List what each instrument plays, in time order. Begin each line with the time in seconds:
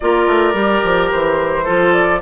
0.00 bassoon A#3, clarinet F4, oboe A#4, flute D5
0.27 bassoon A3
0.53 bassoon G3, clarinet G4
0.83 bassoon F3
1.11 bassoon E3, flute C5
1.64 bassoon F3, clarinet F4, oboe A4
1.92 flute D5